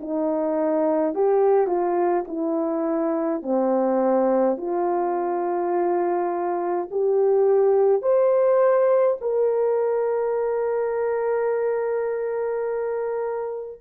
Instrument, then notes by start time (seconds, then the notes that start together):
horn
0.00 D#4
1.15 G4
1.67 F4
2.28 E4
3.42 C4
4.57 F4
6.91 G4
8.02 C5
9.21 A#4